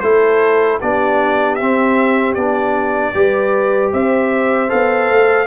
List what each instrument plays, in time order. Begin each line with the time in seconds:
0.00 tuba A3, trombone E4, horn A4, trumpet C5
0.80 tuba B3, trombone D4, horn G4, trumpet D5
1.55 trombone C4, tuba C4, trumpet E5
2.34 tuba B3, trombone D4, trumpet D5
3.14 tuba G3, trombone G4, horn B4
3.92 tuba C4, horn C5, trumpet E5
4.68 tuba B3, trombone A4, trumpet F5
5.10 tuba A3